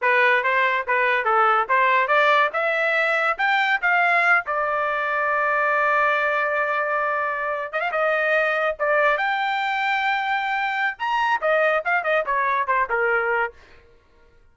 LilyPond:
\new Staff \with { instrumentName = "trumpet" } { \time 4/4 \tempo 4 = 142 b'4 c''4 b'4 a'4 | c''4 d''4 e''2 | g''4 f''4. d''4.~ | d''1~ |
d''2~ d''16 dis''16 f''16 dis''4~ dis''16~ | dis''8. d''4 g''2~ g''16~ | g''2 ais''4 dis''4 | f''8 dis''8 cis''4 c''8 ais'4. | }